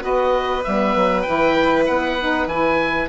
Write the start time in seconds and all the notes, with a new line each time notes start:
0.00 B3 F#4 B4 D#5
0.64 G3 B3 E5
0.96 F#3
1.22 E3 E4 G5
1.86 B3 F#5
2.20 D#4
2.46 E3 E4 G#5